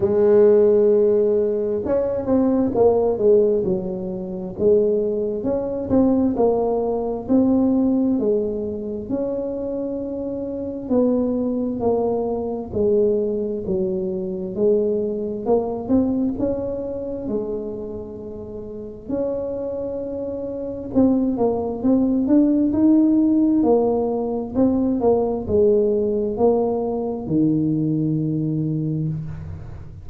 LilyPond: \new Staff \with { instrumentName = "tuba" } { \time 4/4 \tempo 4 = 66 gis2 cis'8 c'8 ais8 gis8 | fis4 gis4 cis'8 c'8 ais4 | c'4 gis4 cis'2 | b4 ais4 gis4 fis4 |
gis4 ais8 c'8 cis'4 gis4~ | gis4 cis'2 c'8 ais8 | c'8 d'8 dis'4 ais4 c'8 ais8 | gis4 ais4 dis2 | }